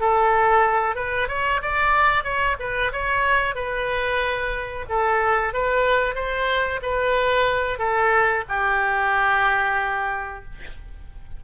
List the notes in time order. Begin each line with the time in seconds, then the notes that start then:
0.00 A4
0.95 B4
1.28 C#5
1.62 D5
2.24 C#5
2.59 B4
2.92 C#5
3.55 B4
4.89 A4
5.53 B4
6.15 C5
6.82 B4
7.78 A4
8.48 G4